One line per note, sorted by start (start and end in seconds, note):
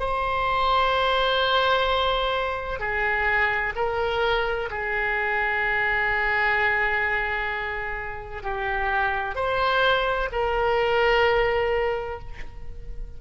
0.00 2.80 C5
2.80 3.74 G#4
3.76 4.70 A#4
4.71 8.43 G#4
8.43 9.35 G4
9.35 10.29 C5
10.32 12.20 A#4